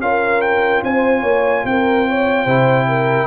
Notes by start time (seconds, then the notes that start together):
0.00 C#4 F4 A#4 F5
0.41 G5
0.83 C4 C5 G#5
1.21 A#3 C#5
1.64 C4 A#4 G5
2.09 C#5
2.44 C3 E4 C5
2.88 A#4